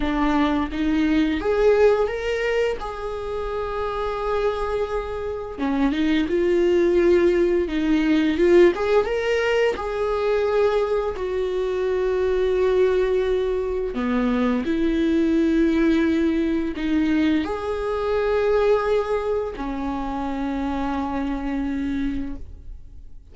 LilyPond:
\new Staff \with { instrumentName = "viola" } { \time 4/4 \tempo 4 = 86 d'4 dis'4 gis'4 ais'4 | gis'1 | cis'8 dis'8 f'2 dis'4 | f'8 gis'8 ais'4 gis'2 |
fis'1 | b4 e'2. | dis'4 gis'2. | cis'1 | }